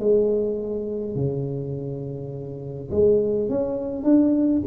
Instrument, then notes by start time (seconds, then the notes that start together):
tuba
0.00 G#3
1.15 C#3
2.91 G#3
3.50 C#4
4.04 D4